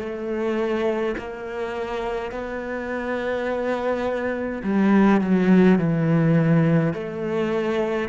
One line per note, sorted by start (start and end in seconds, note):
0.00 1.15 A3
1.18 2.32 A#3
2.32 4.63 B3
4.64 5.21 G3
5.21 5.79 F#3
5.79 6.94 E3
6.94 8.09 A3